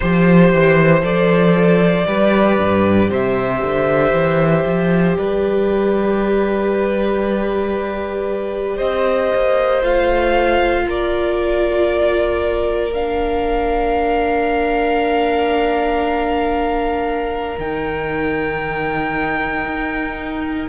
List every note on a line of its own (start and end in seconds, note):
0.00 0.53 F3
0.00 1.01 G4
0.00 1.03 C5
0.00 2.06 C5
0.53 1.02 E3
1.01 2.05 F3
1.01 2.05 A4
1.01 3.11 D5
2.06 2.58 G3
2.06 9.82 G4
2.06 3.09 B4
2.58 3.10 G2
3.09 3.62 C3
3.09 5.16 C5
3.09 5.16 E5
3.62 4.12 D3
4.12 4.64 E3
4.65 5.17 F3
5.16 8.80 G3
5.16 8.76 B4
5.16 8.78 D5
8.76 9.31 C4
8.76 10.83 C5
8.76 9.81 D#5
9.34 9.82 A#3
9.82 10.83 A3
9.82 12.92 F4
9.82 10.87 F5
10.83 17.56 A#3
10.83 20.68 A#4
10.89 12.93 D5
12.92 17.58 D4
12.92 17.58 F5
17.58 19.64 D#3
17.58 20.68 D#4
17.58 20.68 G5
19.64 20.68 D#4